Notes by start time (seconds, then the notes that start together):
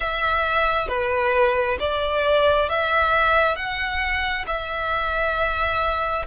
0.00 E5
0.88 B4
1.79 D5
2.69 E5
3.55 F#5
4.46 E5